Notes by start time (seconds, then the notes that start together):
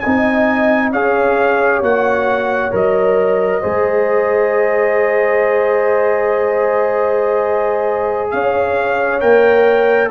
0.00 C4 D#5 G#5
0.06 D#4
0.93 C#4 G#4 C#5 F5
1.82 A#3 F#4 F#5
2.72 F#3 A#4 D#5
3.61 G#3 G#4 C5
8.31 C#4 C#5 F5
9.21 A#3 A#4 G5